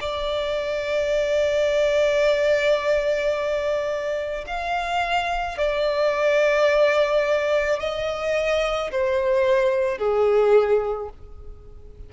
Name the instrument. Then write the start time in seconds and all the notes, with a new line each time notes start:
violin
0.00 D5
4.46 F5
5.57 D5
7.79 D#5
8.91 C5
9.97 G#4